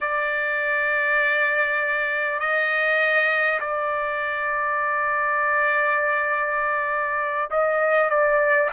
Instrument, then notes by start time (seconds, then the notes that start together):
trumpet
0.01 D5
2.39 D#5
3.59 D5
7.50 D#5
8.09 D5